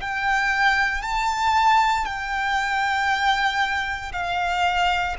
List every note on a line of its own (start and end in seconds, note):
0.00 1.02 G5
1.02 2.05 A5
2.05 4.12 G5
4.12 5.15 F5